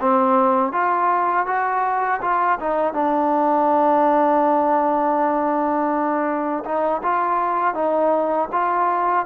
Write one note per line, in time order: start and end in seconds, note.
0.00 0.72 C4
0.72 1.46 F4
1.46 2.20 F#4
2.21 2.58 F4
2.59 2.93 D#4
2.93 6.64 D4
6.64 7.01 D#4
7.02 7.74 F4
7.74 8.48 D#4
8.52 9.26 F4